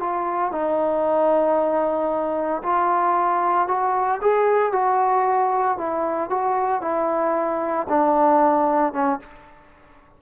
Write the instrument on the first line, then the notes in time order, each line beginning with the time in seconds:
trombone
0.00 F4
0.52 D#4
2.63 F4
3.68 F#4
4.22 G#4
4.72 F#4
5.78 E4
6.30 F#4
6.82 E4
7.89 D4
8.93 C#4